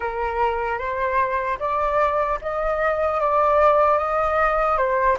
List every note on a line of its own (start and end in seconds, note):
0.00 0.78 A#4
0.78 1.58 C5
1.59 2.39 D5
2.41 3.20 D#5
3.20 3.97 D5
3.97 4.77 D#5
4.77 5.17 C5